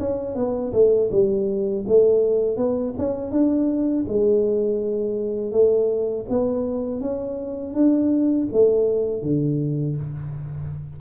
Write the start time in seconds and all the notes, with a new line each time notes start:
0.00 C#4
0.35 B3
0.73 A3
1.11 G3
1.88 A3
2.57 B3
2.98 C#4
3.31 D4
4.08 G#3
5.52 A3
6.30 B3
7.01 C#4
7.74 D4
8.53 A3
9.23 D3